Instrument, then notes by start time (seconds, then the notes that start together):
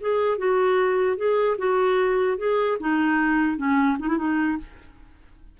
clarinet
0.00 G#4
0.38 F#4
1.16 G#4
1.58 F#4
2.37 G#4
2.79 D#4
3.57 C#4
3.99 D#4
4.08 E4
4.17 D#4